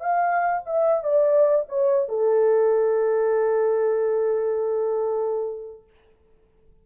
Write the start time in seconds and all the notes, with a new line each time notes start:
0.00 F5
0.65 E5
1.03 D5
1.68 C#5
2.08 A4